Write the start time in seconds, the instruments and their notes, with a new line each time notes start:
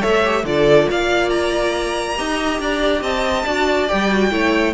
0.00 cello A3, viola A4, violin C#5 E5
0.25 viola G4
0.44 cello D3, viola F4, violin A4 D5
0.89 cello A#3, violin D5 F5
1.29 violin A#5
2.16 cello D#4, viola G4, violin D#5
2.59 cello D4, violin D5
3.02 cello C4, violin D#5 A5
3.45 cello D4, viola F#4, violin D5
3.88 cello G3, viola G4, violin G5
4.10 viola F#4
4.31 cello A3, viola E4, violin C#5